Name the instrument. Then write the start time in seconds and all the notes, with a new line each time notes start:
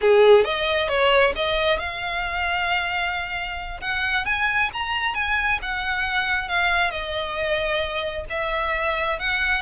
violin
0.01 G#4
0.44 D#5
0.88 C#5
1.35 D#5
1.78 F5
3.80 F#5
4.25 G#5
4.73 A#5
5.14 G#5
5.62 F#5
6.48 F5
6.91 D#5
8.29 E5
9.19 F#5